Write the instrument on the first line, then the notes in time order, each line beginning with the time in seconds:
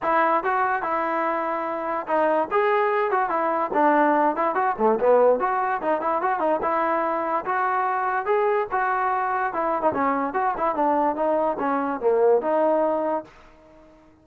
trombone
0.02 E4
0.43 F#4
0.82 E4
2.07 D#4
2.51 G#4
3.10 F#4
3.29 E4
3.73 D4
4.36 E4
4.54 F#4
4.78 A3
5.00 B3
5.39 F#4
5.81 D#4
6.01 E4
6.21 F#4
6.39 D#4
6.62 E4
7.45 F#4
8.25 G#4
8.71 F#4
9.53 E4
9.82 D#4
9.93 C#4
10.33 F#4
10.57 E4
10.75 D4
11.15 D#4
11.59 C#4
12.00 A#3
12.41 D#4